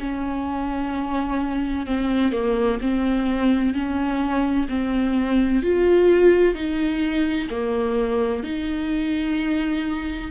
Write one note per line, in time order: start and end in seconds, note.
0.00 1.86 C#4
1.86 2.32 C4
2.32 2.79 A#3
2.81 3.74 C4
3.74 4.67 C#4
4.69 5.62 C4
5.63 6.55 F4
6.55 7.48 D#4
7.50 8.43 A#3
8.43 10.31 D#4